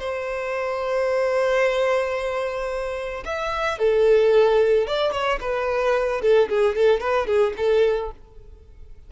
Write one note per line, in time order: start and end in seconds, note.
0.00 3.24 C5
3.25 3.79 E5
3.79 4.87 A4
4.87 5.12 D5
5.12 5.39 C#5
5.41 6.22 B4
6.22 6.49 A4
6.50 6.76 G#4
6.76 7.01 A4
7.01 7.27 B4
7.27 7.54 G#4
7.57 8.12 A4